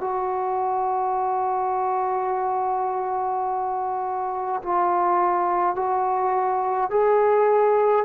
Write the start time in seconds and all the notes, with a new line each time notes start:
0.00 F#4
4.63 F4
5.75 F#4
6.90 G#4